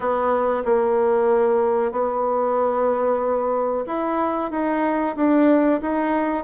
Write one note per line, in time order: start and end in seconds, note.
0.00 0.63 B3
0.65 1.91 A#3
1.91 3.85 B3
3.86 4.50 E4
4.50 5.15 D#4
5.16 5.80 D4
5.81 6.44 D#4